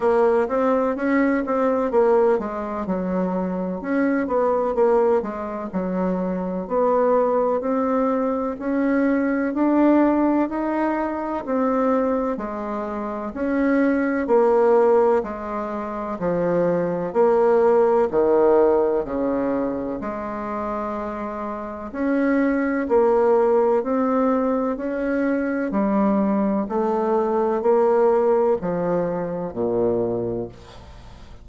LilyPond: \new Staff \with { instrumentName = "bassoon" } { \time 4/4 \tempo 4 = 63 ais8 c'8 cis'8 c'8 ais8 gis8 fis4 | cis'8 b8 ais8 gis8 fis4 b4 | c'4 cis'4 d'4 dis'4 | c'4 gis4 cis'4 ais4 |
gis4 f4 ais4 dis4 | cis4 gis2 cis'4 | ais4 c'4 cis'4 g4 | a4 ais4 f4 ais,4 | }